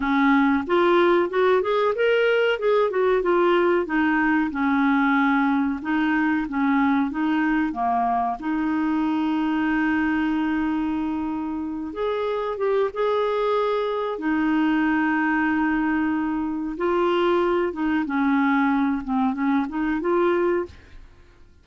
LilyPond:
\new Staff \with { instrumentName = "clarinet" } { \time 4/4 \tempo 4 = 93 cis'4 f'4 fis'8 gis'8 ais'4 | gis'8 fis'8 f'4 dis'4 cis'4~ | cis'4 dis'4 cis'4 dis'4 | ais4 dis'2.~ |
dis'2~ dis'8 gis'4 g'8 | gis'2 dis'2~ | dis'2 f'4. dis'8 | cis'4. c'8 cis'8 dis'8 f'4 | }